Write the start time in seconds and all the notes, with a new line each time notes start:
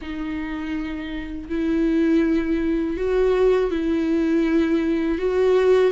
0.01 D#4
1.49 E4
2.96 F#4
3.70 E4
5.18 F#4